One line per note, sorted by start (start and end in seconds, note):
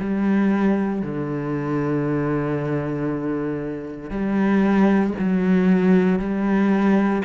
0.00 1.03 G3
1.03 4.11 D3
4.11 5.14 G3
5.19 6.19 F#3
6.19 7.23 G3